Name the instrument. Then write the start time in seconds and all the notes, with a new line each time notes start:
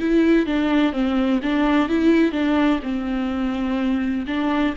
viola
0.00 E4
0.46 D4
0.93 C4
1.43 D4
1.89 E4
2.32 D4
2.83 C4
4.27 D4